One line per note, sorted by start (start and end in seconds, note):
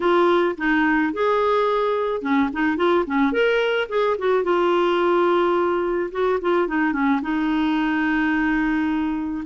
0.00 0.55 F4
0.57 1.13 D#4
1.13 2.21 G#4
2.21 2.49 C#4
2.52 2.77 D#4
2.77 3.04 F4
3.06 3.32 C#4
3.32 3.88 A#4
3.88 4.16 G#4
4.18 4.43 F#4
4.43 6.10 F4
6.11 6.39 F#4
6.41 6.67 F4
6.67 6.92 D#4
6.92 7.20 C#4
7.22 9.44 D#4